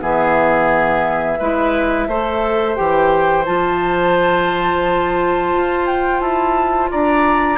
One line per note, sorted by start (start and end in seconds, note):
0.00 1.40 E3
0.00 1.38 B3
0.00 1.39 G#4
0.00 2.76 E5
1.39 2.08 G#3
1.39 2.10 E4
1.39 2.08 B4
2.08 2.77 A3
2.08 2.76 A4
2.08 6.91 C5
2.76 3.48 E3
2.76 3.45 G4
2.76 3.45 G5
3.46 5.54 F3
3.46 7.58 F4
3.46 5.87 A5
5.54 6.21 F4
5.87 6.21 G5
6.21 6.90 E4
6.21 6.90 A5
6.91 7.58 D4
6.91 7.58 D5
6.91 7.58 A#5